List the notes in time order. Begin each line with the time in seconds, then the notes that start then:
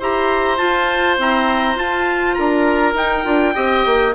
0.00 E4 G4 C5 A#5
0.58 F4 A5
1.18 C4 E4 A#5
1.76 F4 A5
2.35 D4 A#4 A#5
2.94 D#4 G5
3.25 D4 F4
3.55 C4 G4 D#5
3.86 A#3